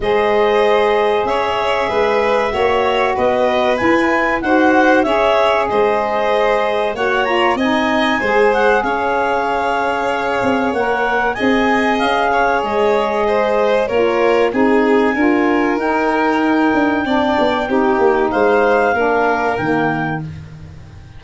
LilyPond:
<<
  \new Staff \with { instrumentName = "clarinet" } { \time 4/4 \tempo 4 = 95 dis''2 e''2~ | e''4 dis''4 gis''4 fis''4 | e''4 dis''2 fis''8 ais''8 | gis''4. fis''8 f''2~ |
f''4 fis''4 gis''4 f''4 | dis''2 cis''4 gis''4~ | gis''4 g''2.~ | g''4 f''2 g''4 | }
  \new Staff \with { instrumentName = "violin" } { \time 4/4 c''2 cis''4 b'4 | cis''4 b'2 c''4 | cis''4 c''2 cis''4 | dis''4 c''4 cis''2~ |
cis''2 dis''4. cis''8~ | cis''4 c''4 ais'4 gis'4 | ais'2. d''4 | g'4 c''4 ais'2 | }
  \new Staff \with { instrumentName = "saxophone" } { \time 4/4 gis'1 | fis'2 e'4 fis'4 | gis'2. fis'8 f'8 | dis'4 gis'2.~ |
gis'4 ais'4 gis'2~ | gis'2 f'4 dis'4 | f'4 dis'2 d'4 | dis'2 d'4 ais4 | }
  \new Staff \with { instrumentName = "tuba" } { \time 4/4 gis2 cis'4 gis4 | ais4 b4 e'4 dis'4 | cis'4 gis2 ais4 | c'4 gis4 cis'2~ |
cis'8 c'8 ais4 c'4 cis'4 | gis2 ais4 c'4 | d'4 dis'4. d'8 c'8 b8 | c'8 ais8 gis4 ais4 dis4 | }
>>